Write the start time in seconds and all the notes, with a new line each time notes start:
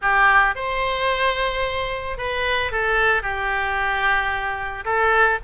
0.01 G4
0.55 C5
2.17 B4
2.71 A4
3.22 G4
4.84 A4